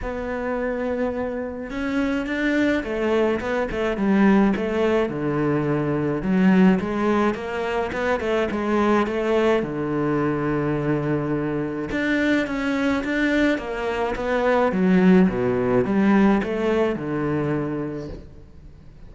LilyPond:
\new Staff \with { instrumentName = "cello" } { \time 4/4 \tempo 4 = 106 b2. cis'4 | d'4 a4 b8 a8 g4 | a4 d2 fis4 | gis4 ais4 b8 a8 gis4 |
a4 d2.~ | d4 d'4 cis'4 d'4 | ais4 b4 fis4 b,4 | g4 a4 d2 | }